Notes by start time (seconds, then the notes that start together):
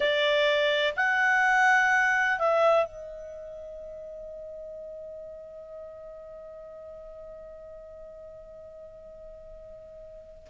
0.00 D5
0.96 F#5
2.38 E5
2.85 D#5